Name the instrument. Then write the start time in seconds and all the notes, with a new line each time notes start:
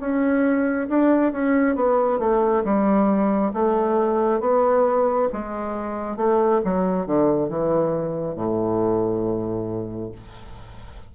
bassoon
0.00 C#4
0.89 D4
1.32 C#4
1.76 B3
2.19 A3
2.64 G3
3.54 A3
4.40 B3
5.33 G#3
6.17 A3
6.64 F#3
7.06 D3
7.49 E3
8.36 A2